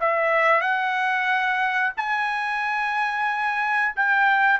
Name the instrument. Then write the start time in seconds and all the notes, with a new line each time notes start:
trumpet
0.00 E5
0.61 F#5
1.97 G#5
3.96 G5